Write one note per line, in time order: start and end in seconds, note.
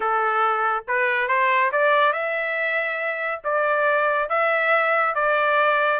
0.00 0.84 A4
0.87 1.28 B4
1.28 1.71 C5
1.71 2.13 D5
2.13 3.41 E5
3.44 4.29 D5
4.29 5.14 E5
5.14 5.99 D5